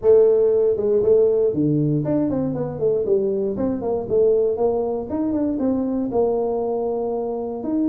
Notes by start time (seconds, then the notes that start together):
0.01 A3
0.77 G#3
1.02 A3
1.53 D3
2.05 D4
2.30 C4
2.54 B3
2.79 A3
3.05 G3
3.57 C4
3.81 A#3
4.08 A3
4.56 A#3
5.09 D#4
5.32 D4
5.59 C4
6.11 A#3
7.63 D#4